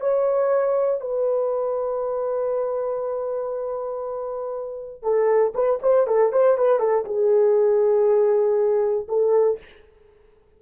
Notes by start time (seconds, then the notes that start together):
0.00 C#5
1.00 B4
5.02 A4
5.54 B4
5.82 C5
6.07 A4
6.32 C5
6.57 B4
6.79 A4
7.05 G#4
9.08 A4